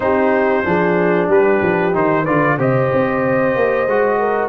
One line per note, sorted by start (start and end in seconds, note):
0.00 0.63 C4
0.00 0.64 D#4
0.00 0.65 G4
0.00 1.29 C5
0.64 1.27 F3
0.64 1.93 D4
0.64 1.28 G#4
1.27 1.60 G3
1.27 2.23 G4
1.27 1.94 B4
1.62 1.94 F3
1.93 2.27 D#3
1.93 2.25 D#4
1.93 2.25 C5
2.23 2.58 D3
2.23 2.58 F4
2.23 2.55 B4
2.23 2.57 D5
2.58 2.90 C3
2.58 3.87 G4
2.58 4.19 C5
2.58 4.49 D#5
2.92 3.55 C4
3.55 3.86 A#3
3.86 4.49 G#3
3.86 4.49 F#4
4.19 4.49 A#4